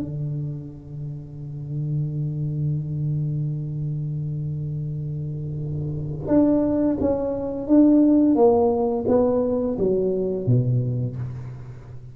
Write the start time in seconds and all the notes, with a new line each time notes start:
0.00 D3
6.28 D4
7.01 C#4
7.67 D4
8.36 A#3
9.08 B3
9.79 F#3
10.47 B2